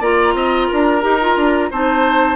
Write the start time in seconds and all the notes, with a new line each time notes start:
0.00 A#3 F4 D5 A#5
0.34 C4 D#5
0.68 D4 A#4
1.01 D#4 G4
1.21 F4
1.36 D4
1.71 C4 D#4 C5 A5